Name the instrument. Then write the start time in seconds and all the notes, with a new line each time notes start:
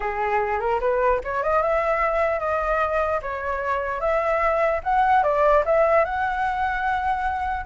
flute
0.00 G#4
0.60 A#4
0.80 B4
1.24 C#5
1.43 D#5
1.62 E5
2.39 D#5
3.22 C#5
4.00 E5
4.83 F#5
5.23 D5
5.65 E5
6.04 F#5